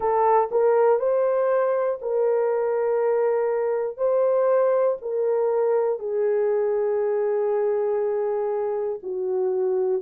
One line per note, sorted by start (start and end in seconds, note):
0.00 0.49 A4
0.50 0.99 A#4
0.99 1.99 C5
2.01 3.97 A#4
3.97 4.97 C5
5.01 5.99 A#4
5.99 8.99 G#4
9.03 10.02 F#4